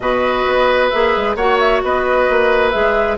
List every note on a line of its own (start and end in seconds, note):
0.00 0.44 B2
0.00 0.91 F#4
0.00 1.36 B4
0.00 0.89 D#5
0.46 0.91 B3
0.89 1.16 A#3
0.89 1.37 G#4
0.89 1.35 E5
1.16 1.35 G#3
1.35 1.80 A#3
1.35 2.72 F#4
1.35 1.82 C#5
1.35 1.58 F#5
1.59 1.81 E5
1.83 2.28 B3
1.83 3.17 B4
1.83 2.71 D#5
2.29 2.74 A#3
2.71 3.17 G#3
2.71 3.17 G#4
2.71 3.16 E5